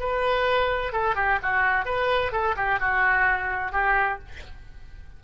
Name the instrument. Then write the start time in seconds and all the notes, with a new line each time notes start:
oboe
0.00 B4
0.93 A4
1.16 G4
1.43 F#4
1.86 B4
2.32 A4
2.57 G4
2.80 F#4
3.72 G4